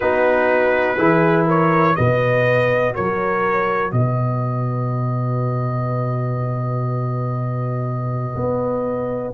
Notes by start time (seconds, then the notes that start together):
0.00 B3 D#4 F#4 B4
0.97 E3 E4 G#4
1.45 A#4 C#5
1.95 B2 F#4 B4 D#5
2.94 F#3 A#4 C#5
3.91 B2 B4 D#5
8.35 B3